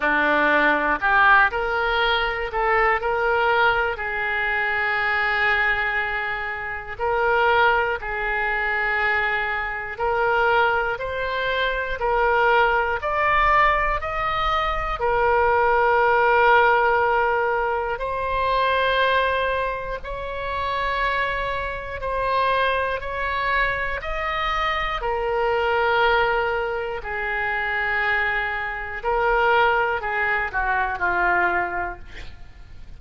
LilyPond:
\new Staff \with { instrumentName = "oboe" } { \time 4/4 \tempo 4 = 60 d'4 g'8 ais'4 a'8 ais'4 | gis'2. ais'4 | gis'2 ais'4 c''4 | ais'4 d''4 dis''4 ais'4~ |
ais'2 c''2 | cis''2 c''4 cis''4 | dis''4 ais'2 gis'4~ | gis'4 ais'4 gis'8 fis'8 f'4 | }